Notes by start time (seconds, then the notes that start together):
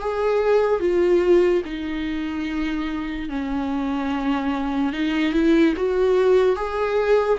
0.00 G#4
0.80 F4
1.65 D#4
3.29 C#4
4.92 D#4
5.32 E4
5.76 F#4
6.56 G#4